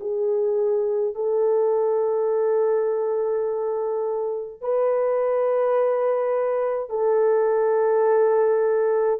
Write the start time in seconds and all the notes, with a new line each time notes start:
0.00 G#4
1.15 A4
4.61 B4
6.89 A4